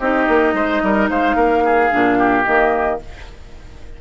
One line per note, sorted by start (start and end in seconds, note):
0.00 0.28 C4
0.00 1.91 D#4
0.00 0.55 G4
0.00 1.10 D#5
0.29 0.54 A#3
0.54 0.81 G#3
0.54 0.83 C5
0.83 1.10 G3
0.83 1.10 A#4
1.10 1.36 G#3
1.10 1.36 C5
1.10 2.45 F5
1.36 1.90 A#3
1.36 1.64 A#4
1.65 2.19 G#4
1.91 2.47 A#2
1.91 2.46 D4
2.19 3.00 G4
2.45 3.01 D#3
2.45 3.01 A#3
2.45 3.00 D#5